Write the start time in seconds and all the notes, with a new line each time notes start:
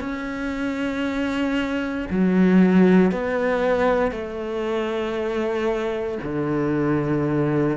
0.00 C#4
2.10 F#3
3.11 B3
4.11 A3
6.23 D3